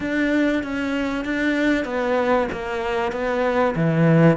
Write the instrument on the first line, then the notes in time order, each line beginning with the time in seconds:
cello
0.00 D4
0.62 C#4
1.24 D4
1.84 B3
2.51 A#3
3.12 B3
3.75 E3